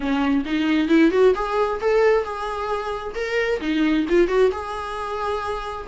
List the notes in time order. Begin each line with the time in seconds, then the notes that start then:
0.00 C#4
0.45 D#4
0.88 E4
1.11 F#4
1.35 G#4
1.80 A4
2.24 G#4
3.15 A#4
3.60 D#4
4.09 F4
4.27 F#4
4.51 G#4